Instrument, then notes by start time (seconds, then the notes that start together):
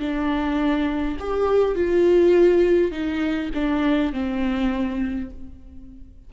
viola
0.00 D4
1.20 G4
1.75 F4
2.92 D#4
3.55 D4
4.13 C4